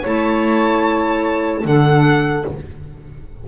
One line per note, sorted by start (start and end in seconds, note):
0.00 1.64 A3
0.00 1.64 E4
0.00 1.60 C#5
0.00 1.66 A5
1.64 2.44 D3
1.64 2.44 D4
1.64 2.48 A4
1.64 2.46 F#5